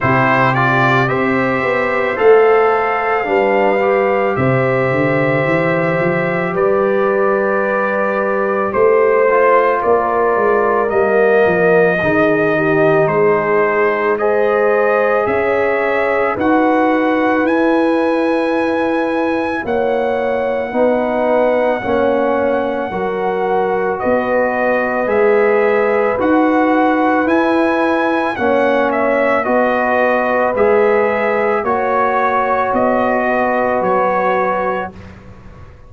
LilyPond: <<
  \new Staff \with { instrumentName = "trumpet" } { \time 4/4 \tempo 4 = 55 c''8 d''8 e''4 f''2 | e''2 d''2 | c''4 d''4 dis''2 | c''4 dis''4 e''4 fis''4 |
gis''2 fis''2~ | fis''2 dis''4 e''4 | fis''4 gis''4 fis''8 e''8 dis''4 | e''4 cis''4 dis''4 cis''4 | }
  \new Staff \with { instrumentName = "horn" } { \time 4/4 g'4 c''2 b'4 | c''2 b'2 | c''4 ais'2 gis'8 g'8 | gis'4 c''4 cis''4 b'4~ |
b'2 cis''4 b'4 | cis''4 ais'4 b'2~ | b'2 cis''4 b'4~ | b'4 cis''4. b'4. | }
  \new Staff \with { instrumentName = "trombone" } { \time 4/4 e'8 f'8 g'4 a'4 d'8 g'8~ | g'1~ | g'8 f'4. ais4 dis'4~ | dis'4 gis'2 fis'4 |
e'2. dis'4 | cis'4 fis'2 gis'4 | fis'4 e'4 cis'4 fis'4 | gis'4 fis'2. | }
  \new Staff \with { instrumentName = "tuba" } { \time 4/4 c4 c'8 b8 a4 g4 | c8 d8 e8 f8 g2 | a4 ais8 gis8 g8 f8 dis4 | gis2 cis'4 dis'4 |
e'2 ais4 b4 | ais4 fis4 b4 gis4 | dis'4 e'4 ais4 b4 | gis4 ais4 b4 fis4 | }
>>